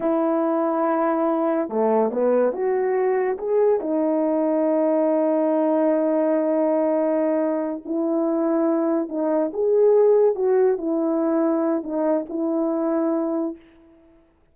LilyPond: \new Staff \with { instrumentName = "horn" } { \time 4/4 \tempo 4 = 142 e'1 | a4 b4 fis'2 | gis'4 dis'2.~ | dis'1~ |
dis'2~ dis'8 e'4.~ | e'4. dis'4 gis'4.~ | gis'8 fis'4 e'2~ e'8 | dis'4 e'2. | }